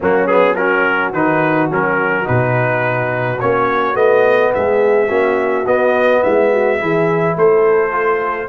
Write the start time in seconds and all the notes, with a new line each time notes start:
0.00 F#3 A#3 C#4 F#4
0.27 B3 G#4
0.55 C#4 F#4 A#4
1.12 D#3 D#4 B4
1.71 F#3 C#4 A#4
2.24 B2 D#4 B4
3.40 A#3 C#4 C#5
3.94 A3 B3 D#5
4.53 G#3 G#4 E5
5.07 A#3 C#4 F#4
5.66 B3 D#5
6.22 G#3 E4 E5
6.52 F#4
6.79 E3 E4 G#4
7.36 A3 A4 C5
7.90 F4